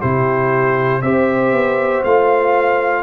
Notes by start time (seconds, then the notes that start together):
0.00 C3 E4 G4 C5
1.01 C4 G4 C5 E5
1.52 B3
2.03 A3 F4 F5